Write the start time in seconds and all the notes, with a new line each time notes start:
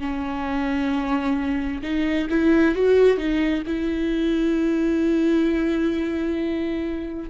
0.00 C#4
1.82 D#4
2.30 E4
2.75 F#4
3.17 D#4
3.67 E4